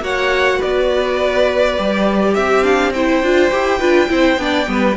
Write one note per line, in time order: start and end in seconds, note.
0.00 0.58 A#3
0.00 1.76 F#4
0.00 0.58 C#5
0.00 0.61 F#5
0.58 1.78 B3
0.58 2.33 B4
0.58 2.34 D5
1.76 2.36 G3
1.76 2.63 G4
2.34 3.22 C4
2.34 2.93 G4
2.34 2.63 E5
2.63 2.92 D4
2.63 2.92 F5
2.93 3.23 E4
2.93 3.78 C5
2.93 4.97 G5
3.22 3.51 D4
3.22 3.51 F4
3.51 3.80 E4
3.51 3.80 G4
3.78 4.09 D4
3.78 4.08 F4
3.78 4.08 B4
4.08 4.37 C4
4.08 4.37 E4
4.08 4.40 C5
4.37 4.66 B3
4.37 4.66 D4
4.37 4.69 D5
4.66 4.96 G3
4.66 4.95 B3
4.66 4.97 B4